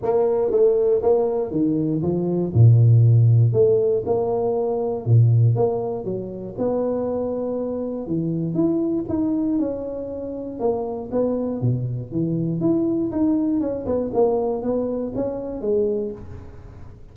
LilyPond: \new Staff \with { instrumentName = "tuba" } { \time 4/4 \tempo 4 = 119 ais4 a4 ais4 dis4 | f4 ais,2 a4 | ais2 ais,4 ais4 | fis4 b2. |
e4 e'4 dis'4 cis'4~ | cis'4 ais4 b4 b,4 | e4 e'4 dis'4 cis'8 b8 | ais4 b4 cis'4 gis4 | }